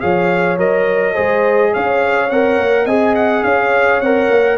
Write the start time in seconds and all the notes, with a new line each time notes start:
0.00 F3 G#4 C#5 F5
0.58 F#3 A#4 D#5
1.14 G#3 G#4 C5
1.73 C#4 C#5 F5
2.30 C4 A#4 F#5
2.58 A#3
2.85 C4 G#4 D#5 G#5
3.15 F#5
3.43 C#4 C#5 F5
4.00 C4 A#4 F#5
4.30 A#3